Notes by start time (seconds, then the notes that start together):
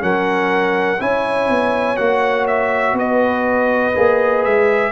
0.00 F#3 C#4 A#4 F#5
1.00 C#4 E4 C#5 G#5
1.49 B3
1.97 A#3 F#4 F#5
2.48 E5
2.93 B3 B4 D#5
3.96 A#3 G#4
4.44 G#3 E5